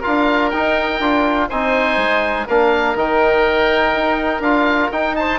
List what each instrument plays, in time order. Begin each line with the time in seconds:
0.00 trombone F4, oboe A#4 F5
0.07 bassoon D4
0.50 bassoon D#4, trombone D#4, oboe G5
1.00 bassoon D4, trombone F4
1.49 bassoon C4, trombone D#4, oboe C5 G#5
1.97 bassoon G#3
2.47 bassoon A#3, trombone D4, oboe A#4 F5
2.95 bassoon D#3, trombone D#4, oboe G5
3.95 bassoon D#4
4.40 bassoon D4, trombone F4, oboe F5
4.92 bassoon D#4, trombone D#4, oboe G5
5.15 oboe C5 A5